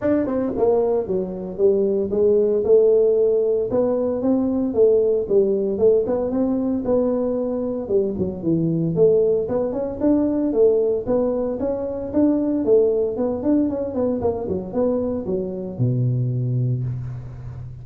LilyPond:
\new Staff \with { instrumentName = "tuba" } { \time 4/4 \tempo 4 = 114 d'8 c'8 ais4 fis4 g4 | gis4 a2 b4 | c'4 a4 g4 a8 b8 | c'4 b2 g8 fis8 |
e4 a4 b8 cis'8 d'4 | a4 b4 cis'4 d'4 | a4 b8 d'8 cis'8 b8 ais8 fis8 | b4 fis4 b,2 | }